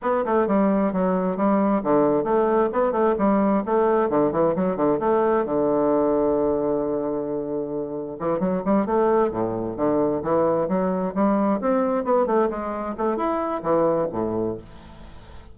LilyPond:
\new Staff \with { instrumentName = "bassoon" } { \time 4/4 \tempo 4 = 132 b8 a8 g4 fis4 g4 | d4 a4 b8 a8 g4 | a4 d8 e8 fis8 d8 a4 | d1~ |
d2 e8 fis8 g8 a8~ | a8 a,4 d4 e4 fis8~ | fis8 g4 c'4 b8 a8 gis8~ | gis8 a8 e'4 e4 a,4 | }